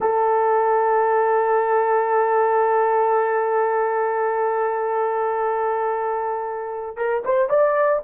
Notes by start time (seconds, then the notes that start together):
0.00 A4
6.96 A#4
7.24 C5
7.49 D5